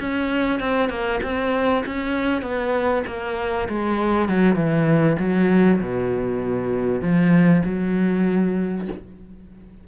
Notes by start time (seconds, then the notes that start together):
0.00 C#4
0.60 C4
0.89 A#3
1.22 C4
1.86 C#4
2.42 B3
3.07 A#3
3.68 G#3
4.29 F#3
4.55 E3
5.19 F#3
5.80 B2
7.01 F3
7.65 F#3